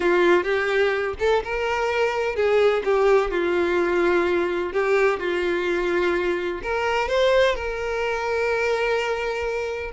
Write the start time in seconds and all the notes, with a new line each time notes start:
0.00 F4
0.43 G4
1.19 A4
1.44 A#4
2.35 G#4
2.84 G4
3.30 F4
4.72 G4
5.19 F4
6.62 A#4
7.08 C5
7.55 A#4